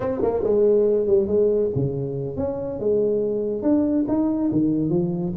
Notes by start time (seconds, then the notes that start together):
0.00 C4
0.21 A#3
0.43 G#3
1.06 G3
1.27 G#3
1.75 C#3
2.36 C#4
2.79 G#3
3.62 D4
4.08 D#4
4.52 D#3
4.89 F3